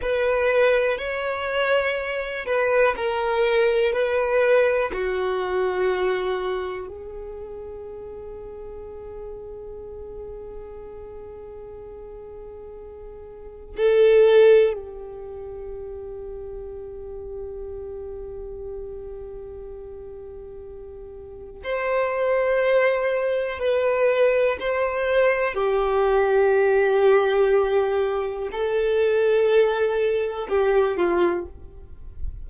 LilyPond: \new Staff \with { instrumentName = "violin" } { \time 4/4 \tempo 4 = 61 b'4 cis''4. b'8 ais'4 | b'4 fis'2 gis'4~ | gis'1~ | gis'2 a'4 g'4~ |
g'1~ | g'2 c''2 | b'4 c''4 g'2~ | g'4 a'2 g'8 f'8 | }